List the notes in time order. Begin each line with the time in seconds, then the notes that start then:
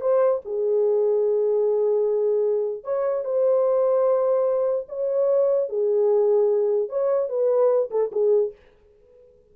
0.00 C5
0.45 G#4
2.84 C#5
3.24 C5
4.88 C#5
5.69 G#4
6.89 C#5
7.29 B4
7.90 A4
8.11 G#4